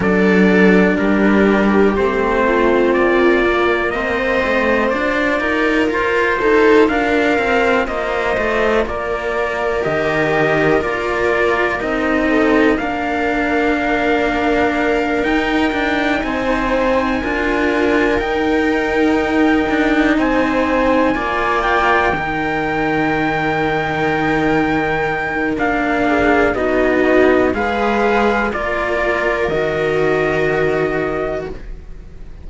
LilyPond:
<<
  \new Staff \with { instrumentName = "trumpet" } { \time 4/4 \tempo 4 = 61 d''4 ais'4 c''4 d''4 | dis''4 d''4 c''4 f''4 | dis''4 d''4 dis''4 d''4 | dis''4 f''2~ f''8 g''8~ |
g''8 gis''2 g''4.~ | g''8 gis''4. g''2~ | g''2 f''4 dis''4 | f''4 d''4 dis''2 | }
  \new Staff \with { instrumentName = "viola" } { \time 4/4 a'4 g'4. f'4. | c''4. ais'4 a'8 ais'4 | c''4 ais'2.~ | ais'8 a'8 ais'2.~ |
ais'8 c''4 ais'2~ ais'8~ | ais'8 c''4 d''4 ais'4.~ | ais'2~ ais'8 gis'8 fis'4 | b'4 ais'2. | }
  \new Staff \with { instrumentName = "cello" } { \time 4/4 d'2 c'4. ais8~ | ais8 a8 f'2.~ | f'2 g'4 f'4 | dis'4 d'2~ d'8 dis'8~ |
dis'4. f'4 dis'4.~ | dis'4. f'4 dis'4.~ | dis'2 d'4 dis'4 | gis'4 f'4 fis'2 | }
  \new Staff \with { instrumentName = "cello" } { \time 4/4 fis4 g4 a4 ais4 | c'4 d'8 dis'8 f'8 dis'8 d'8 c'8 | ais8 a8 ais4 dis4 ais4 | c'4 ais2~ ais8 dis'8 |
d'8 c'4 d'4 dis'4. | d'8 c'4 ais4 dis4.~ | dis2 ais4 b4 | gis4 ais4 dis2 | }
>>